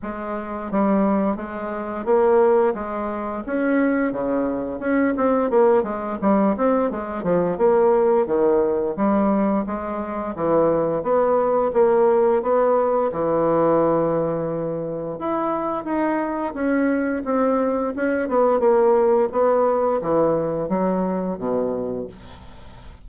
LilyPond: \new Staff \with { instrumentName = "bassoon" } { \time 4/4 \tempo 4 = 87 gis4 g4 gis4 ais4 | gis4 cis'4 cis4 cis'8 c'8 | ais8 gis8 g8 c'8 gis8 f8 ais4 | dis4 g4 gis4 e4 |
b4 ais4 b4 e4~ | e2 e'4 dis'4 | cis'4 c'4 cis'8 b8 ais4 | b4 e4 fis4 b,4 | }